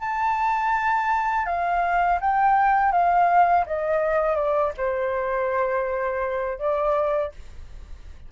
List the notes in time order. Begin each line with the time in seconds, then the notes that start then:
0.00 A5
1.46 F5
2.21 G5
2.92 F5
3.67 D#5
4.36 D5
4.78 C5
6.59 D5